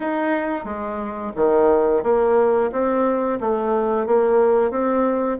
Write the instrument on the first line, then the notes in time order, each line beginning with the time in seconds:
bassoon
0.00 D#4
0.64 G#3
1.35 D#3
2.03 A#3
2.72 C4
3.40 A3
4.06 A#3
4.70 C4